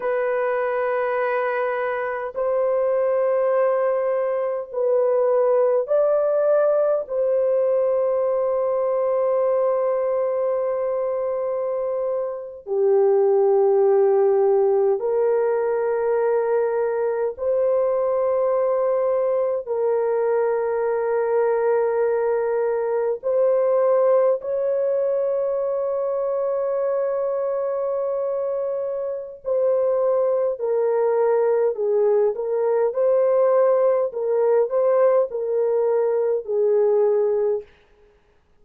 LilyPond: \new Staff \with { instrumentName = "horn" } { \time 4/4 \tempo 4 = 51 b'2 c''2 | b'4 d''4 c''2~ | c''2~ c''8. g'4~ g'16~ | g'8. ais'2 c''4~ c''16~ |
c''8. ais'2. c''16~ | c''8. cis''2.~ cis''16~ | cis''4 c''4 ais'4 gis'8 ais'8 | c''4 ais'8 c''8 ais'4 gis'4 | }